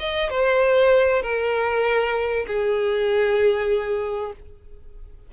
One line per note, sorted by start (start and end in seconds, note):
0.00 0.30 D#5
0.30 1.23 C5
1.23 2.46 A#4
2.47 4.33 G#4